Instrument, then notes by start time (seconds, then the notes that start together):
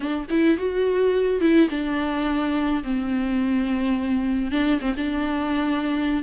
viola
0.00 D4
0.30 E4
0.57 F#4
1.40 E4
1.70 D4
2.83 C4
4.51 D4
4.81 C4
4.96 D4